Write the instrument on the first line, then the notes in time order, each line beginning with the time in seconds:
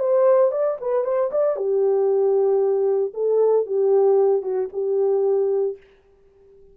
horn
0.00 C5
0.52 D5
0.81 B4
1.05 C5
1.32 D5
1.57 G4
3.14 A4
3.67 G4
4.43 F#4
4.73 G4